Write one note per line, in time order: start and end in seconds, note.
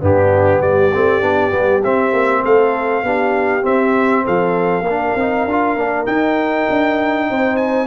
0.00 0.61 G2
0.00 0.91 B3
0.00 0.61 D4
0.00 0.61 G4
0.61 0.91 G3
0.61 2.43 G4
0.61 1.82 D5
0.93 1.21 A3
0.93 1.21 C4
1.21 1.51 B3
1.21 1.50 D4
1.50 1.82 G3
1.50 1.80 B3
1.83 2.12 C4
1.83 3.04 C4
1.83 2.44 E5
2.12 2.42 A#3
2.43 3.02 A3
2.43 3.03 A4
2.43 3.65 F5
3.02 3.63 B3
3.02 3.61 D4
3.02 4.24 G4
3.61 4.83 C4
3.61 4.26 C4
3.61 4.25 E5
4.24 4.81 F3
4.24 4.84 A4
4.24 6.06 F5
4.81 5.11 A#3
4.81 7.28 A#4
4.89 5.18 D4
5.15 5.45 C4
5.15 5.48 D#4
5.45 5.75 D4
5.45 5.77 F4
5.75 6.06 A#3
5.75 6.06 D4
6.06 7.86 D#4
6.06 6.67 D#4
6.06 7.56 G5
6.69 7.30 D4
7.30 7.86 C4
7.30 7.86 C5
7.56 7.86 G#5